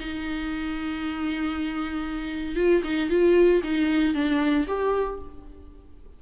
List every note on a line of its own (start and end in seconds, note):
0.00 2.56 D#4
2.56 2.82 F4
2.84 3.10 D#4
3.10 3.62 F4
3.64 4.15 D#4
4.15 4.67 D4
4.67 5.20 G4